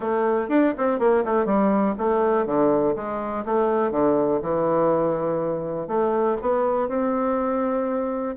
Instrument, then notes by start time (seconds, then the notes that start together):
bassoon
0.00 A3
0.49 D4
0.77 C4
0.99 A#3
1.24 A3
1.45 G3
1.98 A3
2.46 D3
2.95 G#3
3.45 A3
3.91 D3
4.42 E3
5.87 A3
6.41 B3
6.88 C4